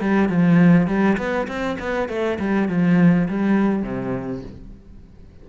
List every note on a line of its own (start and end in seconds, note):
0.00 0.29 G3
0.29 0.87 F3
0.87 1.17 G3
1.17 1.47 B3
1.47 1.77 C4
1.79 2.09 B3
2.09 2.38 A3
2.39 2.68 G3
2.68 3.28 F3
3.28 3.83 G3
3.83 4.42 C3